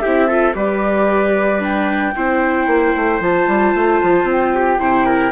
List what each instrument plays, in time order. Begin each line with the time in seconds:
0.00 bassoon C4, viola E4, trumpet G4, flute E5
0.28 viola F4, trumpet A4
0.54 bassoon G3, viola G4, trumpet B4, flute D5
1.60 viola D4, flute G5
2.16 bassoon C4, viola E4, trumpet C5
2.67 bassoon A#3
2.96 bassoon A3
3.20 bassoon F3, viola F4, flute A5
3.47 bassoon G3
3.74 bassoon A3
4.02 bassoon F3
4.24 bassoon C4
4.31 flute G5
4.55 trumpet G4
4.79 bassoon C3, viola E4, trumpet C5
5.06 trumpet A#4